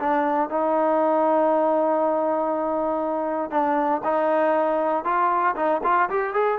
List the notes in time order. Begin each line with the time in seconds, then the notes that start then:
0.00 D4
0.50 D#4
3.51 D4
4.04 D#4
5.05 F4
5.56 D#4
5.84 F4
6.10 G4
6.34 G#4